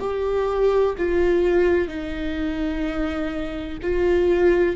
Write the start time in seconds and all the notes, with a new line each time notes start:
0.00 G4
0.98 F4
1.88 D#4
3.82 F4